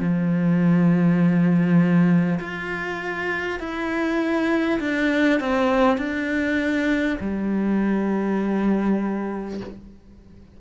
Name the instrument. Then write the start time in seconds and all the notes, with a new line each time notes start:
cello
0.00 F3
2.40 F4
3.60 E4
4.81 D4
5.41 C4
5.98 D4
7.21 G3